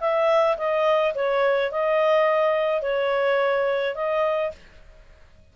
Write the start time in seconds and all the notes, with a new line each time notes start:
0.00 E5
0.57 D#5
1.14 C#5
1.71 D#5
2.81 C#5
3.95 D#5